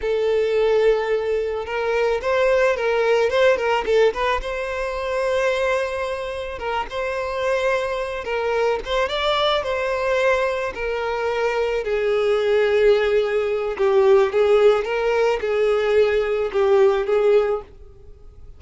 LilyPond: \new Staff \with { instrumentName = "violin" } { \time 4/4 \tempo 4 = 109 a'2. ais'4 | c''4 ais'4 c''8 ais'8 a'8 b'8 | c''1 | ais'8 c''2~ c''8 ais'4 |
c''8 d''4 c''2 ais'8~ | ais'4. gis'2~ gis'8~ | gis'4 g'4 gis'4 ais'4 | gis'2 g'4 gis'4 | }